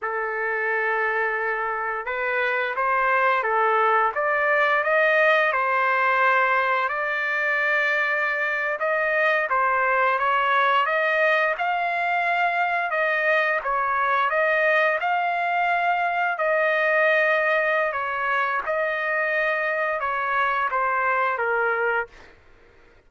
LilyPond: \new Staff \with { instrumentName = "trumpet" } { \time 4/4 \tempo 4 = 87 a'2. b'4 | c''4 a'4 d''4 dis''4 | c''2 d''2~ | d''8. dis''4 c''4 cis''4 dis''16~ |
dis''8. f''2 dis''4 cis''16~ | cis''8. dis''4 f''2 dis''16~ | dis''2 cis''4 dis''4~ | dis''4 cis''4 c''4 ais'4 | }